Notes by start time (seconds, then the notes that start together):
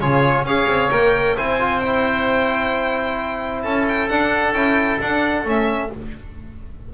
0.00 C#3 F4 G#4 C#5
0.42 C#4 G#4 C#5 F5
0.66 C4
0.90 A#3 A#4 G5
1.36 C4 E4 C5 G#5
1.59 F4
1.79 E4 G5
3.62 C#4 A4 A5
3.88 G5
4.09 D4 F#5
4.52 C#4 E4 G5
5.00 D4 F#5
5.44 A3 C#4 E5